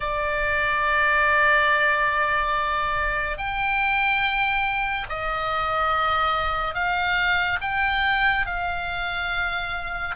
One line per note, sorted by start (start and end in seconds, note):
0.00 3.37 D5
3.37 5.06 G5
5.09 6.74 D#5
6.74 7.58 F5
7.61 8.45 G5
8.45 10.14 F5